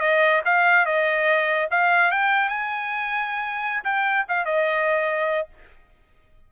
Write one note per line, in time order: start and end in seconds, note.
0.00 0.41 D#5
0.45 0.86 F5
0.86 1.68 D#5
1.70 2.11 F5
2.11 2.48 G5
2.48 3.83 G#5
3.84 4.25 G5
4.28 4.45 F5
4.45 5.48 D#5